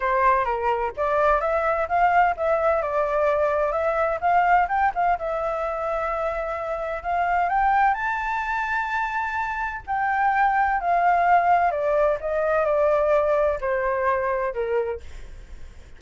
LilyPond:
\new Staff \with { instrumentName = "flute" } { \time 4/4 \tempo 4 = 128 c''4 ais'4 d''4 e''4 | f''4 e''4 d''2 | e''4 f''4 g''8 f''8 e''4~ | e''2. f''4 |
g''4 a''2.~ | a''4 g''2 f''4~ | f''4 d''4 dis''4 d''4~ | d''4 c''2 ais'4 | }